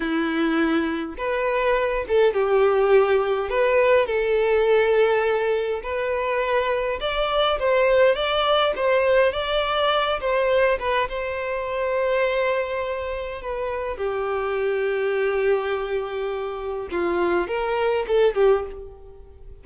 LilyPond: \new Staff \with { instrumentName = "violin" } { \time 4/4 \tempo 4 = 103 e'2 b'4. a'8 | g'2 b'4 a'4~ | a'2 b'2 | d''4 c''4 d''4 c''4 |
d''4. c''4 b'8 c''4~ | c''2. b'4 | g'1~ | g'4 f'4 ais'4 a'8 g'8 | }